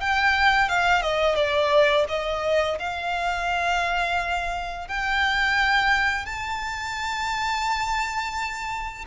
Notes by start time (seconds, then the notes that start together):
0.00 G5
0.68 F5
1.02 D#5
1.35 D5
2.08 D#5
2.79 F5
4.88 G5
6.25 A5